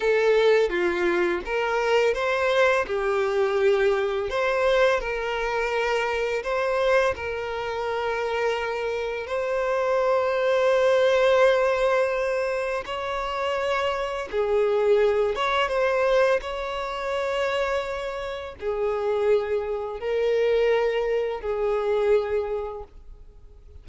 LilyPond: \new Staff \with { instrumentName = "violin" } { \time 4/4 \tempo 4 = 84 a'4 f'4 ais'4 c''4 | g'2 c''4 ais'4~ | ais'4 c''4 ais'2~ | ais'4 c''2.~ |
c''2 cis''2 | gis'4. cis''8 c''4 cis''4~ | cis''2 gis'2 | ais'2 gis'2 | }